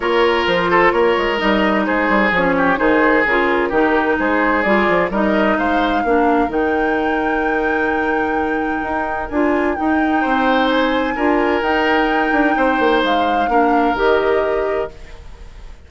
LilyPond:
<<
  \new Staff \with { instrumentName = "flute" } { \time 4/4 \tempo 4 = 129 cis''4 c''4 cis''4 dis''4 | c''4 cis''4 c''4 ais'4~ | ais'4 c''4 d''4 dis''4 | f''2 g''2~ |
g''1 | gis''4 g''2 gis''4~ | gis''4 g''2. | f''2 dis''2 | }
  \new Staff \with { instrumentName = "oboe" } { \time 4/4 ais'4. a'8 ais'2 | gis'4. g'8 gis'2 | g'4 gis'2 ais'4 | c''4 ais'2.~ |
ais'1~ | ais'2 c''2 | ais'2. c''4~ | c''4 ais'2. | }
  \new Staff \with { instrumentName = "clarinet" } { \time 4/4 f'2. dis'4~ | dis'4 cis'4 dis'4 f'4 | dis'2 f'4 dis'4~ | dis'4 d'4 dis'2~ |
dis'1 | f'4 dis'2. | f'4 dis'2.~ | dis'4 d'4 g'2 | }
  \new Staff \with { instrumentName = "bassoon" } { \time 4/4 ais4 f4 ais8 gis8 g4 | gis8 g8 f4 dis4 cis4 | dis4 gis4 g8 f8 g4 | gis4 ais4 dis2~ |
dis2. dis'4 | d'4 dis'4 c'2 | d'4 dis'4. d'8 c'8 ais8 | gis4 ais4 dis2 | }
>>